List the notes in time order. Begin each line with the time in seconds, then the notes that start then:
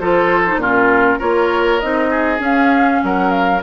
0.00 F3 F4 A4 C5
0.47 D#4
0.56 A#2 C#4 F4 A#4
1.19 A#3 F4 A#4 C#5
1.80 C4 D#4 D#5
2.10 G#4
2.39 C#4 F5
3.03 F#3 A#4 F#5
3.31 F5